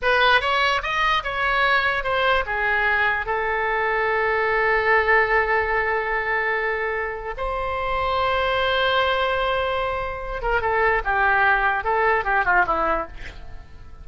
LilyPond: \new Staff \with { instrumentName = "oboe" } { \time 4/4 \tempo 4 = 147 b'4 cis''4 dis''4 cis''4~ | cis''4 c''4 gis'2 | a'1~ | a'1~ |
a'2 c''2~ | c''1~ | c''4. ais'8 a'4 g'4~ | g'4 a'4 g'8 f'8 e'4 | }